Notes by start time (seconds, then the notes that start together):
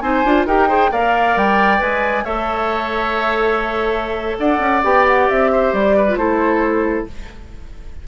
0.00 C4 D#4 C5 G#5
0.24 D4 F4
0.46 D#4 G4 A#4 G5
0.68 G#4 C5
0.92 A#3 A#4 D5 F5
1.36 G3 G5
1.78 G#3 B4 G#5
2.24 A3 A4 C#5 E5
4.38 D4 D5 F#5
4.59 C#4
4.83 B3 G4 G5
5.07 F#5
5.29 C4 E5
5.51 C5
5.73 G3 D5
5.96 B4
6.08 F4
6.16 A3 E4 A4 C5